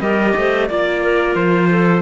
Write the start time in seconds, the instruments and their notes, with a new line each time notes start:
0.00 cello G3, viola G4, clarinet A#4, trumpet D#5
0.36 cello A3, clarinet C5
0.67 cello A#3, viola F4, clarinet D5, trumpet D5
1.02 clarinet A#4
1.35 cello F3, trumpet C5
1.70 clarinet A4